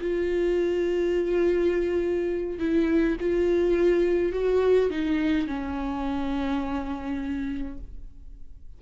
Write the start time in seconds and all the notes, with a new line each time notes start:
0.00 F4
2.58 E4
3.20 F4
4.32 F#4
4.90 D#4
5.47 C#4